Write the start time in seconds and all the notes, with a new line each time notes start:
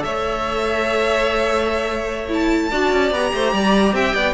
0.00 A3 A4 C#5 E5
2.29 E4 A5
2.71 D4 F#4 D5
2.92 C#4
3.12 B3 G4 A#5
3.34 A3 C5
3.53 G3 D5
3.93 C4 E5 G5
4.15 B3 D5